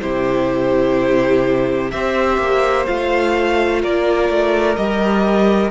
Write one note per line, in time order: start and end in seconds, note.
0.00 1.92 C3
0.00 1.90 E4
0.00 1.93 G4
0.00 1.91 C5
1.91 2.38 C4
1.91 2.86 G4
1.91 3.82 C5
1.91 2.87 E5
2.38 2.86 A#3
2.86 3.84 A3
2.86 4.77 F4
2.86 3.82 F5
3.82 4.30 A#3
3.82 5.71 A#4
3.82 4.76 D5
4.30 4.77 A3
4.76 5.71 G3
4.76 5.71 G4
4.76 5.71 D#5